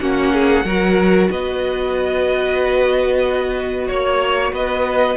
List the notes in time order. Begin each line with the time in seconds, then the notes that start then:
0.00 A#3 C#4 F#4 F#5
0.33 G#4
0.65 F#3 F#4 A#4
1.30 B3 B4 D#5
3.87 A#3 C#5
4.52 B3 B4 D#5